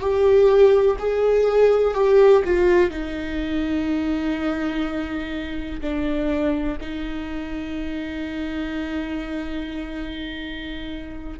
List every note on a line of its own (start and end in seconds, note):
0.00 0.97 G4
0.99 1.94 G#4
1.94 2.43 G4
2.45 2.90 F4
2.90 5.81 D#4
5.81 6.78 D4
6.80 11.40 D#4